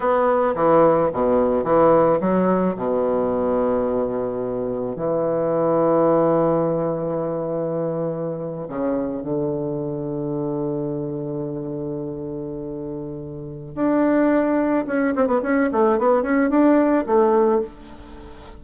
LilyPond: \new Staff \with { instrumentName = "bassoon" } { \time 4/4 \tempo 4 = 109 b4 e4 b,4 e4 | fis4 b,2.~ | b,4 e2.~ | e2.~ e8. cis16~ |
cis8. d2.~ d16~ | d1~ | d4 d'2 cis'8 c'16 b16 | cis'8 a8 b8 cis'8 d'4 a4 | }